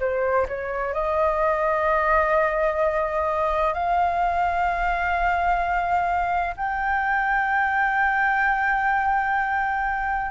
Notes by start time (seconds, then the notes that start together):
0.00 C5
0.48 C#5
0.94 D#5
3.74 F5
6.57 G5